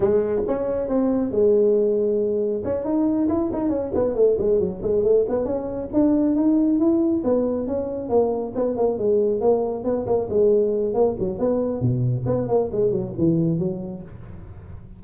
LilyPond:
\new Staff \with { instrumentName = "tuba" } { \time 4/4 \tempo 4 = 137 gis4 cis'4 c'4 gis4~ | gis2 cis'8 dis'4 e'8 | dis'8 cis'8 b8 a8 gis8 fis8 gis8 a8 | b8 cis'4 d'4 dis'4 e'8~ |
e'8 b4 cis'4 ais4 b8 | ais8 gis4 ais4 b8 ais8 gis8~ | gis4 ais8 fis8 b4 b,4 | b8 ais8 gis8 fis8 e4 fis4 | }